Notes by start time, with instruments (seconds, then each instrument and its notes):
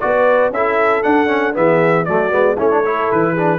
0.00 tuba B3, trombone F#4, horn B4, trumpet D5
0.50 tuba C#4, trombone E4, horn A4, trumpet E5
1.03 trombone D4, tuba D4, trumpet F#5
1.27 trombone C#4
1.53 tuba E3, trombone B3, horn G#4, trumpet E5
2.05 tuba F#3, trombone A3, horn F#4, trumpet D5
2.31 tuba G#3, trombone B3
2.56 tuba A3, trombone C#4, horn E4, trumpet C#5
2.71 trombone D4
2.84 trombone E4, horn A4
3.11 tuba E3, trumpet B4
3.33 trombone D4, horn G#4